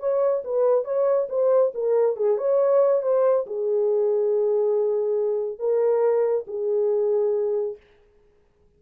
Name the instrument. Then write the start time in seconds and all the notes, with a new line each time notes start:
horn
0.00 C#5
0.45 B4
0.85 C#5
1.30 C5
1.75 A#4
2.17 G#4
2.38 C#5
3.03 C5
3.47 G#4
5.59 A#4
6.47 G#4